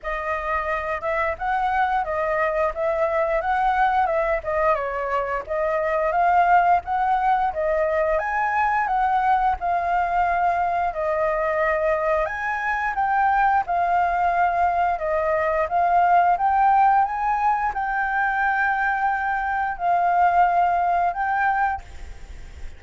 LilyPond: \new Staff \with { instrumentName = "flute" } { \time 4/4 \tempo 4 = 88 dis''4. e''8 fis''4 dis''4 | e''4 fis''4 e''8 dis''8 cis''4 | dis''4 f''4 fis''4 dis''4 | gis''4 fis''4 f''2 |
dis''2 gis''4 g''4 | f''2 dis''4 f''4 | g''4 gis''4 g''2~ | g''4 f''2 g''4 | }